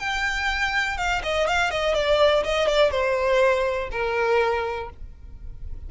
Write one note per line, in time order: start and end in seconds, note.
0.00 0.98 G5
0.98 1.22 F5
1.23 1.48 D#5
1.48 1.71 F5
1.71 1.95 D#5
1.95 2.44 D5
2.44 2.68 D#5
2.68 2.92 D5
2.92 3.90 C5
3.92 4.90 A#4